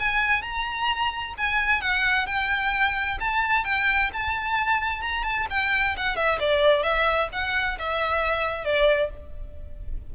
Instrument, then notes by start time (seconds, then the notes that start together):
violin
0.00 G#5
0.43 A#5
1.38 G#5
1.82 F#5
2.27 G5
3.20 A5
3.65 G5
4.14 A5
5.02 A#5
5.24 A5
5.50 G5
5.97 F#5
6.17 E5
6.40 D5
6.83 E5
7.33 F#5
7.79 E5
8.65 D5